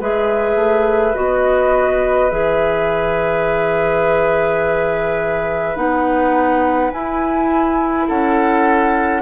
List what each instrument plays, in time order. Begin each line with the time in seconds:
0.00 bassoon G#3, clarinet G#4, oboe B4, flute E5
0.56 bassoon A3
1.15 bassoon B3, clarinet F#4, flute D#5
2.31 bassoon E3, clarinet G#4, flute E5
5.76 bassoon B3, clarinet D#4, flute F#5
6.92 bassoon E4, clarinet E4, flute G#5
8.08 bassoon C#4, oboe A4, flute F#5